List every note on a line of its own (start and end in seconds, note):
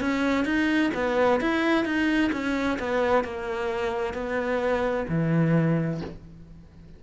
0.00 0.44 C#4
0.44 0.91 D#4
0.94 1.40 B3
1.40 1.85 E4
1.85 2.31 D#4
2.32 2.78 C#4
2.79 3.24 B3
3.24 4.14 A#3
4.14 5.06 B3
5.08 6.00 E3